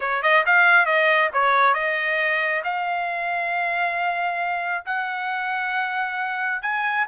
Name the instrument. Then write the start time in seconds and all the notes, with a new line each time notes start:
trumpet
0.00 C#5
0.22 D#5
0.46 F5
0.85 D#5
1.33 C#5
1.74 D#5
2.64 F5
4.85 F#5
6.62 G#5